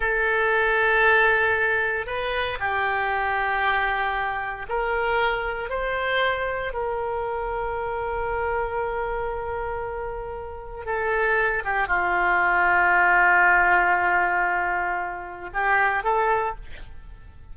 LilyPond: \new Staff \with { instrumentName = "oboe" } { \time 4/4 \tempo 4 = 116 a'1 | b'4 g'2.~ | g'4 ais'2 c''4~ | c''4 ais'2.~ |
ais'1~ | ais'4 a'4. g'8 f'4~ | f'1~ | f'2 g'4 a'4 | }